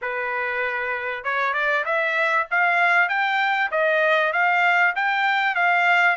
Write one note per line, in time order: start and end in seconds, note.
0.01 1.24 B4
1.24 1.53 C#5
1.53 1.84 D5
1.85 2.47 E5
2.51 3.08 F5
3.08 3.70 G5
3.71 4.32 D#5
4.32 4.94 F5
4.95 5.55 G5
5.55 6.16 F5